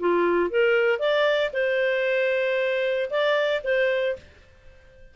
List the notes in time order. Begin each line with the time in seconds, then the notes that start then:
0.00 F4
0.51 A#4
0.99 D5
1.53 C5
3.10 D5
3.64 C5